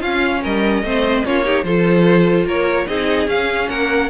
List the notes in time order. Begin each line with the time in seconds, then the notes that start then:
0.00 C#4 F4 F5
0.42 G3 A#4 D#5
0.82 A3 C4 C5
1.25 A#3 C#4 F4 C#5
1.42 D#4 G4
1.63 F3 F4 A4 C5
2.45 A#3 A#4 C#5
2.87 C4 D#4 G#4 D#5
3.27 C#4 F5
3.69 A#3 A#4 F#5